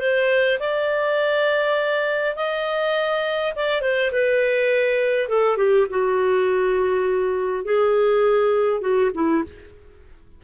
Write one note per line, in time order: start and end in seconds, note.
0.00 0.59 C5
0.60 2.36 D5
2.36 3.54 D#5
3.56 3.82 D5
3.82 4.11 C5
4.12 5.29 B4
5.29 5.57 A4
5.57 5.87 G4
5.90 7.65 F#4
7.65 8.82 G#4
8.82 9.11 F#4
9.15 9.44 E4